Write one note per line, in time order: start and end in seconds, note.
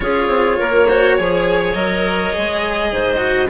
0.00 0.27 C#4
0.00 0.85 F4
0.00 0.58 G#4
0.00 1.73 C#5
0.27 0.56 C4
0.58 1.18 A#3
0.58 0.87 A#4
0.87 1.18 F#4
0.87 1.16 C5
1.16 1.74 F3
1.16 1.75 G#4
1.16 2.91 C#5
1.73 2.32 F#3
1.73 2.33 A#4
1.73 3.48 D#5
2.33 2.91 G#3
2.33 3.17 G#4
2.91 3.49 G#2
2.91 3.50 C5
3.17 3.46 F#4